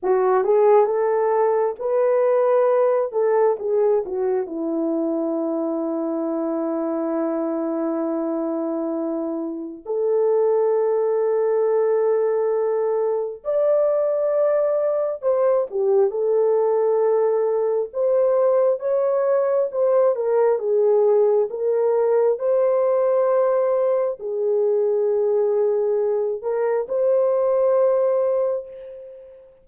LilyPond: \new Staff \with { instrumentName = "horn" } { \time 4/4 \tempo 4 = 67 fis'8 gis'8 a'4 b'4. a'8 | gis'8 fis'8 e'2.~ | e'2. a'4~ | a'2. d''4~ |
d''4 c''8 g'8 a'2 | c''4 cis''4 c''8 ais'8 gis'4 | ais'4 c''2 gis'4~ | gis'4. ais'8 c''2 | }